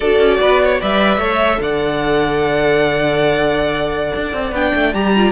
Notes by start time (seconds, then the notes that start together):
0.00 D4 F#4 A4 D5
0.19 C#4
0.41 B3 B4
0.62 C#5
0.80 G3 B4 D5 E5
1.17 A3 A4 C#5
1.60 D3 D5 F#5
4.15 D4
4.33 C4
4.51 B3 D4 G5
4.75 A3
4.93 G3 G4 A#5
5.16 F4